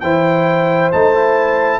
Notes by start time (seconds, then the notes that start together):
0.00 E3 E4 C5 G5
0.92 A3 D#4 A5
1.14 E4